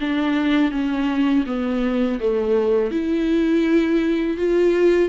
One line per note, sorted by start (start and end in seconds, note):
0.00 0.71 D4
0.71 1.44 C#4
1.46 2.20 B3
2.20 2.91 A3
2.91 4.37 E4
4.37 5.09 F4